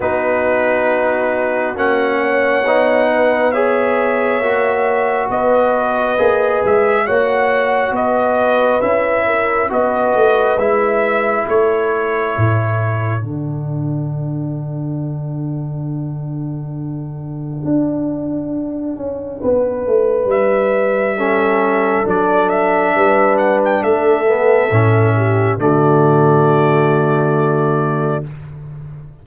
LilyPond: <<
  \new Staff \with { instrumentName = "trumpet" } { \time 4/4 \tempo 4 = 68 b'2 fis''2 | e''2 dis''4. e''8 | fis''4 dis''4 e''4 dis''4 | e''4 cis''2 fis''4~ |
fis''1~ | fis''2. e''4~ | e''4 d''8 e''4 fis''16 g''16 e''4~ | e''4 d''2. | }
  \new Staff \with { instrumentName = "horn" } { \time 4/4 fis'2~ fis'8 cis''4 b'8 | cis''2 b'2 | cis''4 b'4. ais'8 b'4~ | b'4 a'2.~ |
a'1~ | a'2 b'2 | a'2 b'4 a'4~ | a'8 g'8 fis'2. | }
  \new Staff \with { instrumentName = "trombone" } { \time 4/4 dis'2 cis'4 dis'4 | gis'4 fis'2 gis'4 | fis'2 e'4 fis'4 | e'2. d'4~ |
d'1~ | d'1 | cis'4 d'2~ d'8 b8 | cis'4 a2. | }
  \new Staff \with { instrumentName = "tuba" } { \time 4/4 b2 ais4 b4~ | b4 ais4 b4 ais8 gis8 | ais4 b4 cis'4 b8 a8 | gis4 a4 a,4 d4~ |
d1 | d'4. cis'8 b8 a8 g4~ | g4 fis4 g4 a4 | a,4 d2. | }
>>